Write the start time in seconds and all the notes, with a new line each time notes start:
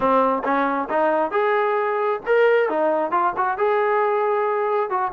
0.00 C4
0.44 C#4
0.89 D#4
1.31 G#4
2.25 A#4
2.69 D#4
3.11 F4
3.36 F#4
3.57 G#4
4.89 F#4